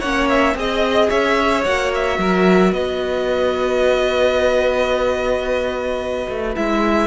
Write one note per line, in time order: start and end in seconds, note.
0.00 0.55 A#3
0.00 0.55 C#4
0.00 0.55 C#5
0.00 0.27 F#5
0.29 0.56 E5
0.55 1.09 C4
0.55 1.64 G#4
0.55 1.09 D#5
1.09 1.65 C#4
1.09 2.18 C#5
1.09 1.64 E5
1.65 2.18 A#3
1.65 6.56 F#4
1.65 1.92 F#5
1.94 2.73 E5
2.18 2.72 F#3
2.18 2.74 A#4
2.72 6.27 B3
2.72 7.06 B4
2.72 6.55 D#5
6.29 6.56 A3
6.56 7.06 G#3
6.56 7.06 E4
6.56 7.06 E5